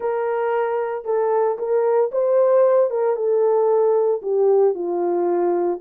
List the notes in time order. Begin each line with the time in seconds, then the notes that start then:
0.00 A#4
1.05 A4
1.58 A#4
2.11 C5
2.90 A#4
3.16 A4
4.22 G4
4.74 F4